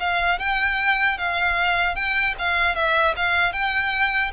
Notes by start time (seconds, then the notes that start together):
0.00 F5
0.39 G5
1.18 F5
1.96 G5
2.39 F5
2.75 E5
3.17 F5
3.53 G5